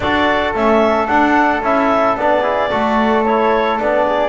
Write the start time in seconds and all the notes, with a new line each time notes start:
0.00 D4 F#4 A4 D5
0.53 A3 C#4 E5
1.07 D4 F#5
1.62 C#4 E4 E5
2.16 B3 D4 D5
2.41 E4 G#4
2.69 A3 F#4 A4
3.24 E4 C#5
3.78 B3 D4 D5
4.05 G#4